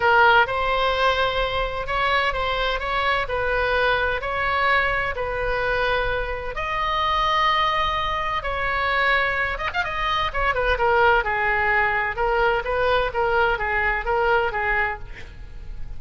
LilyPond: \new Staff \with { instrumentName = "oboe" } { \time 4/4 \tempo 4 = 128 ais'4 c''2. | cis''4 c''4 cis''4 b'4~ | b'4 cis''2 b'4~ | b'2 dis''2~ |
dis''2 cis''2~ | cis''8 dis''16 f''16 dis''4 cis''8 b'8 ais'4 | gis'2 ais'4 b'4 | ais'4 gis'4 ais'4 gis'4 | }